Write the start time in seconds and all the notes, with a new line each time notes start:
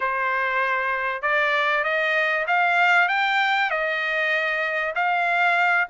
0.00 C5
1.22 D5
1.84 D#5
2.47 F5
3.08 G5
3.70 D#5
4.95 F5